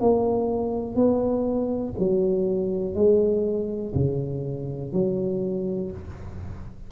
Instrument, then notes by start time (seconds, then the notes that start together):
tuba
0.00 A#3
0.95 B3
1.99 F#3
2.94 G#3
3.94 C#3
4.92 F#3